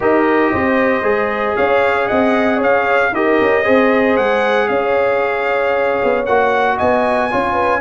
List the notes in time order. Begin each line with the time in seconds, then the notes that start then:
0.00 D#4 G4 A#4 D#5
0.52 C4 C5
1.02 G#3 G#4
1.56 C#4 C#5 F5
2.07 C4 D#5 F#5
2.57 C#4 C#5 F5
3.12 D#4 G4 A#4 D#5
3.41 C#4
3.63 C4 G#4 C5
4.16 G#3 F#5
4.68 C#4 C#5 F5
6.03 B3
6.25 A#3 F#4 F#5
6.77 B3 D#5 G#5
7.30 C#4 F4 C#5
7.53 B4